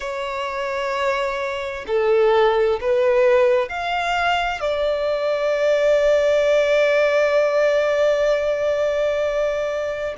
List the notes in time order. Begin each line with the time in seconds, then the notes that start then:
0.00 C#5
1.87 A4
2.80 B4
3.68 F5
4.61 D5